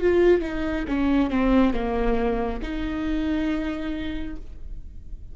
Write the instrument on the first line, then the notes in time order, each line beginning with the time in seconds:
viola
0.00 F4
0.41 D#4
0.87 C#4
1.30 C4
1.73 A#3
2.62 D#4